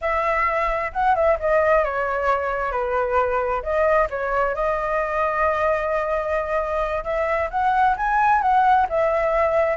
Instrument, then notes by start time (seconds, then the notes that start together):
flute
0.01 E5
0.92 F#5
1.15 E5
1.39 D#5
1.84 C#5
2.71 B4
3.62 D#5
4.10 C#5
4.54 D#5
7.04 E5
7.50 F#5
7.96 G#5
8.41 F#5
8.89 E5